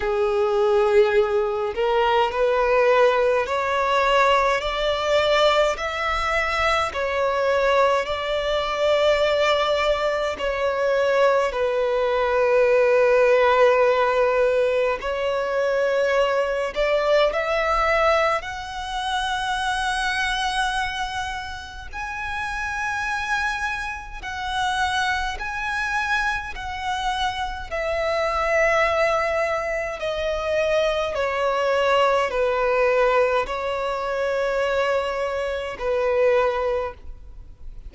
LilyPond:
\new Staff \with { instrumentName = "violin" } { \time 4/4 \tempo 4 = 52 gis'4. ais'8 b'4 cis''4 | d''4 e''4 cis''4 d''4~ | d''4 cis''4 b'2~ | b'4 cis''4. d''8 e''4 |
fis''2. gis''4~ | gis''4 fis''4 gis''4 fis''4 | e''2 dis''4 cis''4 | b'4 cis''2 b'4 | }